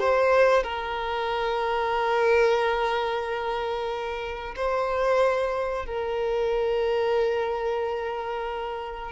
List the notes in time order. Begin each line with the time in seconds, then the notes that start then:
0.00 C5
0.64 A#4
4.56 C5
5.86 A#4